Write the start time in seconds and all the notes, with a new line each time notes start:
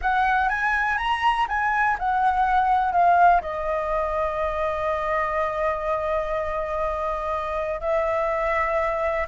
0.01 F#5
0.49 G#5
0.97 A#5
1.48 G#5
1.98 F#5
2.92 F5
3.41 D#5
7.80 E5